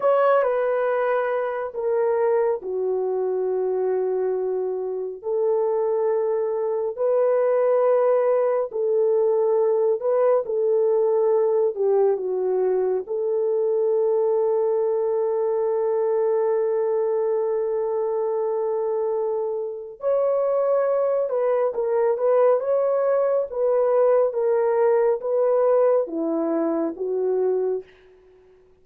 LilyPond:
\new Staff \with { instrumentName = "horn" } { \time 4/4 \tempo 4 = 69 cis''8 b'4. ais'4 fis'4~ | fis'2 a'2 | b'2 a'4. b'8 | a'4. g'8 fis'4 a'4~ |
a'1~ | a'2. cis''4~ | cis''8 b'8 ais'8 b'8 cis''4 b'4 | ais'4 b'4 e'4 fis'4 | }